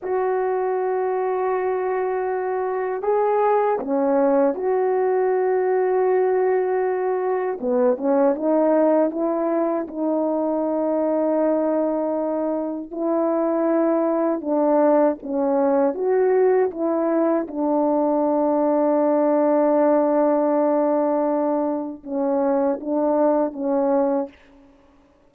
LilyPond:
\new Staff \with { instrumentName = "horn" } { \time 4/4 \tempo 4 = 79 fis'1 | gis'4 cis'4 fis'2~ | fis'2 b8 cis'8 dis'4 | e'4 dis'2.~ |
dis'4 e'2 d'4 | cis'4 fis'4 e'4 d'4~ | d'1~ | d'4 cis'4 d'4 cis'4 | }